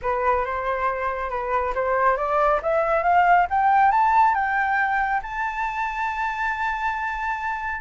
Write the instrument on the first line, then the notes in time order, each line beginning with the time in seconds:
flute
0.02 B4
0.45 C5
1.29 B4
1.75 C5
2.16 D5
2.62 E5
3.03 F5
3.50 G5
3.91 A5
4.34 G5
5.22 A5